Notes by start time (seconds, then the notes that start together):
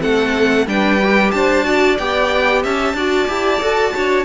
0.00 A3 C4 A4 F#5
0.66 G3 D4 B4 G5
1.01 G4
1.31 D4 C5 A5
1.64 F#4 D5
1.98 B3 G4 G5
2.62 C#4 E5 A5
2.94 D4 F#4 D5
3.28 E4 G4
3.60 F#4 A4
3.93 D4 F#4 C#5